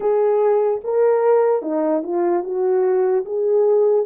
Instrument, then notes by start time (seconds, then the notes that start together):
horn
0.00 G#4
0.84 A#4
1.61 D#4
2.03 F4
2.43 F#4
3.25 G#4